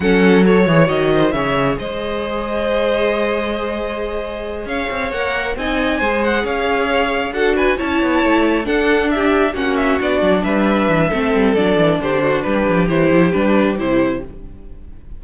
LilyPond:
<<
  \new Staff \with { instrumentName = "violin" } { \time 4/4 \tempo 4 = 135 fis''4 cis''4 dis''4 e''4 | dis''1~ | dis''2~ dis''8 f''4 fis''8~ | fis''8 gis''4. fis''8 f''4.~ |
f''8 fis''8 gis''8 a''2 fis''8~ | fis''8 e''4 fis''8 e''8 d''4 e''8~ | e''2 d''4 c''4 | b'4 c''4 b'4 c''4 | }
  \new Staff \with { instrumentName = "violin" } { \time 4/4 a'4 cis''4. c''8 cis''4 | c''1~ | c''2~ c''8 cis''4.~ | cis''8 dis''4 c''4 cis''4.~ |
cis''8 a'8 b'8 cis''2 a'8~ | a'8 g'4 fis'2 b'8~ | b'4 a'2 g'8 fis'8 | g'1 | }
  \new Staff \with { instrumentName = "viola" } { \time 4/4 cis'4 a'8 gis'8 fis'4 gis'4~ | gis'1~ | gis'2.~ gis'8 ais'8~ | ais'8 dis'4 gis'2~ gis'8~ |
gis'8 fis'4 e'2 d'8~ | d'4. cis'4 d'4.~ | d'4 c'4 d'2~ | d'4 e'4 d'4 e'4 | }
  \new Staff \with { instrumentName = "cello" } { \time 4/4 fis4. e8 dis4 cis4 | gis1~ | gis2~ gis8 cis'8 c'8 ais8~ | ais8 c'4 gis4 cis'4.~ |
cis'8 d'4 cis'8 b8 a4 d'8~ | d'4. ais4 b8 fis8 g8~ | g8 e8 a8 g8 fis8 e8 d4 | g8 f8 e8 f8 g4 c4 | }
>>